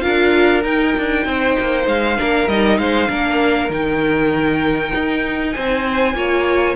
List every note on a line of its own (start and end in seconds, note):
0.00 0.64 D4
0.00 0.62 F4
0.00 1.26 A#4
0.00 0.61 F5
0.64 0.94 D#4
0.64 2.17 D#4
0.64 1.87 G5
0.98 1.26 D4
1.26 1.56 C4
1.26 2.17 C5
1.59 1.87 A#3
1.87 2.17 G#3
1.87 2.48 F5
2.17 2.47 A#3
2.17 2.47 D4
2.17 2.78 A#4
2.47 2.78 G3
2.47 3.08 D#4
2.47 2.78 D#5
2.78 3.09 G#3
2.78 3.09 C5
2.78 3.70 F5
3.08 3.69 A#3
3.08 3.69 D4
3.08 5.54 A#4
3.69 4.91 D#3
3.69 6.15 D#4
3.69 5.52 G5
4.94 5.55 D#4
5.52 6.14 C4
5.52 6.15 C5
5.52 6.74 G#5
6.14 6.75 A#3
6.14 6.75 F4
6.14 6.75 C#5